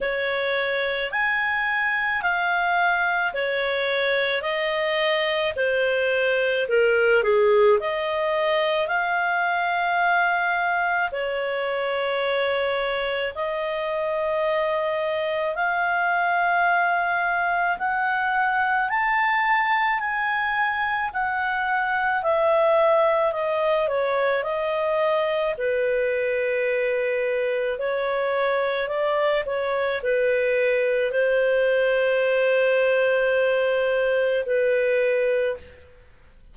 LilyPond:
\new Staff \with { instrumentName = "clarinet" } { \time 4/4 \tempo 4 = 54 cis''4 gis''4 f''4 cis''4 | dis''4 c''4 ais'8 gis'8 dis''4 | f''2 cis''2 | dis''2 f''2 |
fis''4 a''4 gis''4 fis''4 | e''4 dis''8 cis''8 dis''4 b'4~ | b'4 cis''4 d''8 cis''8 b'4 | c''2. b'4 | }